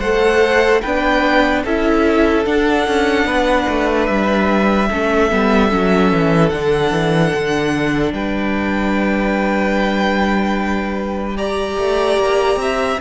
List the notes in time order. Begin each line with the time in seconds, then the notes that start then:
0.00 A3 A4 C5 F#5
0.82 B3 D4 B4 G5
1.65 C#4 E4 A4 E5
2.46 D4 F#5
2.88 C#4
3.26 B3 B4
3.69 A3
4.06 G3 E5
4.90 A3 C#4 A4
5.31 G3 B3
5.71 F#3 C#4
6.12 E3
6.50 D3 D4 F#5
6.92 E3
7.35 D3
8.13 G3 B4 G5
11.37 G4 D5 A#5
11.78 A3
12.18 A#3
12.56 C4 E5